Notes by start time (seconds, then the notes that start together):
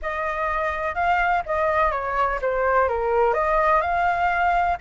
0.02 D#5
0.94 F5
1.46 D#5
1.91 C#5
2.41 C5
2.88 A#4
3.33 D#5
3.81 F5